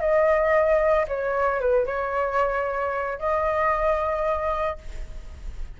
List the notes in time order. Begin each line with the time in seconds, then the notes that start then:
0.00 D#5
1.07 C#5
1.60 B4
1.86 C#5
3.19 D#5